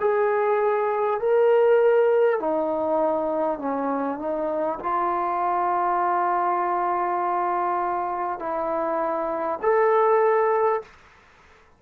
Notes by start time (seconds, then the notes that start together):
0.00 G#4
1.20 A#4
2.39 D#4
3.58 C#4
4.19 D#4
4.79 F4
8.39 E4
9.62 A4